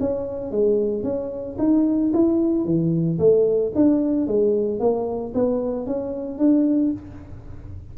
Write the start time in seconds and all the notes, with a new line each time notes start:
0.00 C#4
0.52 G#3
1.03 C#4
1.59 D#4
2.14 E4
2.65 E3
3.19 A3
3.76 D4
4.28 G#3
4.80 A#3
5.35 B3
5.87 C#4
6.39 D4